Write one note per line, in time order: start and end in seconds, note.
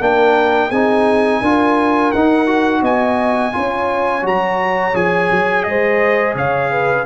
0.00 0.70 A#3
0.00 0.71 D4
0.00 0.69 A#4
0.00 0.70 G5
0.69 1.41 C4
0.69 1.44 D#4
0.69 1.40 G#4
0.69 2.12 G#5
1.40 2.12 D4
1.40 2.14 F4
1.40 2.81 A#4
2.12 2.82 D#4
2.12 2.47 D#4
2.12 2.82 F#5
2.47 3.52 F#4
2.81 3.52 B3
2.81 3.52 D#5
2.81 4.26 G#5
3.52 4.23 C#4
3.52 4.22 F4
3.58 5.69 C#5
4.22 4.93 F#3
4.22 4.93 F#4
4.22 4.96 A#5
4.94 5.30 F3
4.94 7.05 G#4
4.94 5.63 G#5
5.31 5.66 F#3
5.63 6.35 G#3
5.63 6.35 C5
5.63 6.34 D#5
6.35 7.05 C#3
6.35 6.71 C#5
6.35 7.06 F5
6.71 7.06 B4